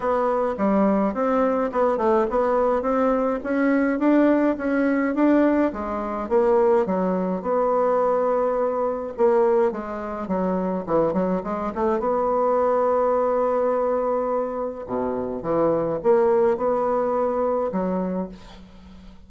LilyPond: \new Staff \with { instrumentName = "bassoon" } { \time 4/4 \tempo 4 = 105 b4 g4 c'4 b8 a8 | b4 c'4 cis'4 d'4 | cis'4 d'4 gis4 ais4 | fis4 b2. |
ais4 gis4 fis4 e8 fis8 | gis8 a8 b2.~ | b2 b,4 e4 | ais4 b2 fis4 | }